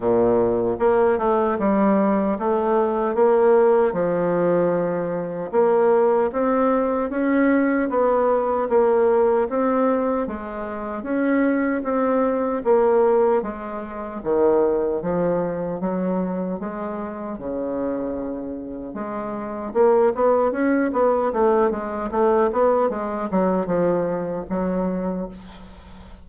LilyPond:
\new Staff \with { instrumentName = "bassoon" } { \time 4/4 \tempo 4 = 76 ais,4 ais8 a8 g4 a4 | ais4 f2 ais4 | c'4 cis'4 b4 ais4 | c'4 gis4 cis'4 c'4 |
ais4 gis4 dis4 f4 | fis4 gis4 cis2 | gis4 ais8 b8 cis'8 b8 a8 gis8 | a8 b8 gis8 fis8 f4 fis4 | }